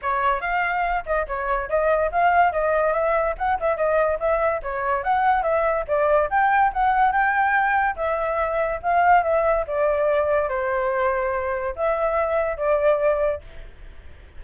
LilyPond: \new Staff \with { instrumentName = "flute" } { \time 4/4 \tempo 4 = 143 cis''4 f''4. dis''8 cis''4 | dis''4 f''4 dis''4 e''4 | fis''8 e''8 dis''4 e''4 cis''4 | fis''4 e''4 d''4 g''4 |
fis''4 g''2 e''4~ | e''4 f''4 e''4 d''4~ | d''4 c''2. | e''2 d''2 | }